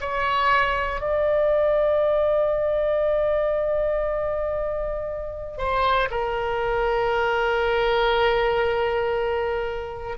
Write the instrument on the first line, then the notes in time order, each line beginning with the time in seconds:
oboe
0.00 C#5
1.00 D5
5.57 C5
6.10 A#4